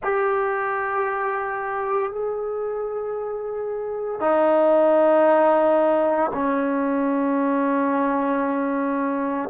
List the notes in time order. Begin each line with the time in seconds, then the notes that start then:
0.03 G4
2.11 G#4
4.20 D#4
6.33 C#4